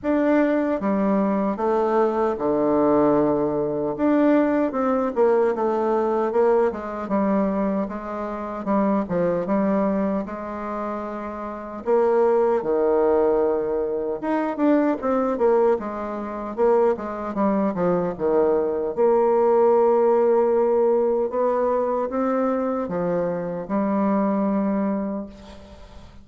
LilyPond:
\new Staff \with { instrumentName = "bassoon" } { \time 4/4 \tempo 4 = 76 d'4 g4 a4 d4~ | d4 d'4 c'8 ais8 a4 | ais8 gis8 g4 gis4 g8 f8 | g4 gis2 ais4 |
dis2 dis'8 d'8 c'8 ais8 | gis4 ais8 gis8 g8 f8 dis4 | ais2. b4 | c'4 f4 g2 | }